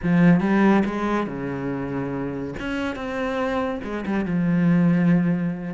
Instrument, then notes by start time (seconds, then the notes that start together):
cello
0.03 F3
0.40 G3
0.85 G#3
1.26 C#3
2.59 C#4
2.95 C4
3.83 G#3
4.05 G3
4.25 F3